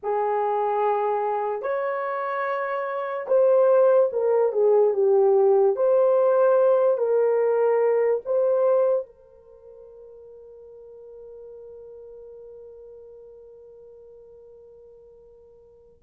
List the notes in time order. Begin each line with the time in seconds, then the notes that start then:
0.02 G#4
1.61 C#5
3.27 C5
4.12 A#4
4.52 G#4
4.93 G4
5.75 C5
6.97 A#4
8.25 C5
9.06 A#4